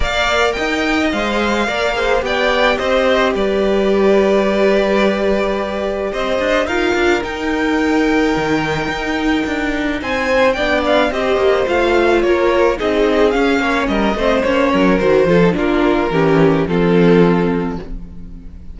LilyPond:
<<
  \new Staff \with { instrumentName = "violin" } { \time 4/4 \tempo 4 = 108 f''4 g''4 f''2 | g''4 dis''4 d''2~ | d''2. dis''4 | f''4 g''2.~ |
g''2 gis''4 g''8 f''8 | dis''4 f''4 cis''4 dis''4 | f''4 dis''4 cis''4 c''4 | ais'2 a'2 | }
  \new Staff \with { instrumentName = "violin" } { \time 4/4 d''4 dis''2 d''8 c''8 | d''4 c''4 b'2~ | b'2. c''4 | ais'1~ |
ais'2 c''4 d''4 | c''2 ais'4 gis'4~ | gis'8 cis''8 ais'8 c''4 ais'4 a'8 | f'4 g'4 f'2 | }
  \new Staff \with { instrumentName = "viola" } { \time 4/4 ais'2 c''4 ais'8 gis'8 | g'1~ | g'1 | f'4 dis'2.~ |
dis'2. d'4 | g'4 f'2 dis'4 | cis'4. c'8 cis'4 fis'8 f'16 dis'16 | d'4 cis'4 c'2 | }
  \new Staff \with { instrumentName = "cello" } { \time 4/4 ais4 dis'4 gis4 ais4 | b4 c'4 g2~ | g2. c'8 d'8 | dis'8 d'8 dis'2 dis4 |
dis'4 d'4 c'4 b4 | c'8 ais8 a4 ais4 c'4 | cis'8 ais8 g8 a8 ais8 fis8 dis8 f8 | ais4 e4 f2 | }
>>